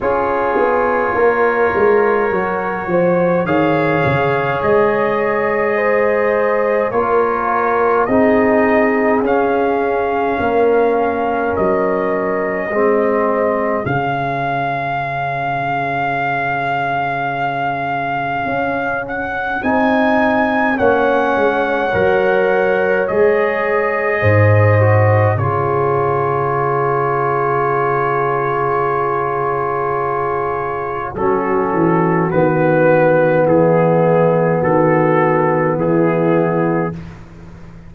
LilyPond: <<
  \new Staff \with { instrumentName = "trumpet" } { \time 4/4 \tempo 4 = 52 cis''2. f''4 | dis''2 cis''4 dis''4 | f''2 dis''2 | f''1~ |
f''8 fis''8 gis''4 fis''2 | dis''2 cis''2~ | cis''2. a'4 | b'4 gis'4 a'4 gis'4 | }
  \new Staff \with { instrumentName = "horn" } { \time 4/4 gis'4 ais'4. c''8 cis''4~ | cis''4 c''4 ais'4 gis'4~ | gis'4 ais'2 gis'4~ | gis'1~ |
gis'2 cis''2~ | cis''4 c''4 gis'2~ | gis'2. fis'4~ | fis'4 e'4 fis'4 e'4 | }
  \new Staff \with { instrumentName = "trombone" } { \time 4/4 f'2 fis'4 gis'4~ | gis'2 f'4 dis'4 | cis'2. c'4 | cis'1~ |
cis'4 dis'4 cis'4 ais'4 | gis'4. fis'8 f'2~ | f'2. cis'4 | b1 | }
  \new Staff \with { instrumentName = "tuba" } { \time 4/4 cis'8 b8 ais8 gis8 fis8 f8 dis8 cis8 | gis2 ais4 c'4 | cis'4 ais4 fis4 gis4 | cis1 |
cis'4 c'4 ais8 gis8 fis4 | gis4 gis,4 cis2~ | cis2. fis8 e8 | dis4 e4 dis4 e4 | }
>>